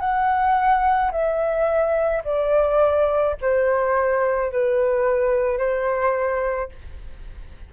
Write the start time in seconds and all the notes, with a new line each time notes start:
0.00 F#5
1.11 E5
2.24 D5
3.41 C5
4.52 B4
5.58 C5